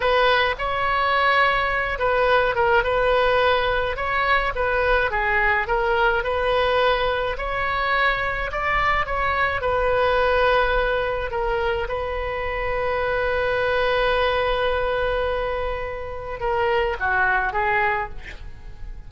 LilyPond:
\new Staff \with { instrumentName = "oboe" } { \time 4/4 \tempo 4 = 106 b'4 cis''2~ cis''8 b'8~ | b'8 ais'8 b'2 cis''4 | b'4 gis'4 ais'4 b'4~ | b'4 cis''2 d''4 |
cis''4 b'2. | ais'4 b'2.~ | b'1~ | b'4 ais'4 fis'4 gis'4 | }